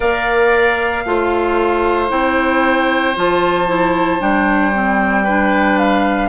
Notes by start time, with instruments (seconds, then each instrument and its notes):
0.00 bassoon A#3, clarinet A#4, oboe D5, flute F5
1.05 bassoon A3, clarinet F4, oboe C5
2.09 bassoon C4, clarinet E4, flute G5
3.16 bassoon F3, clarinet F4, flute A5
3.68 clarinet E4
4.19 bassoon G3, clarinet D4, flute G5
4.73 clarinet C4
5.23 clarinet D4, oboe B4
5.78 flute F5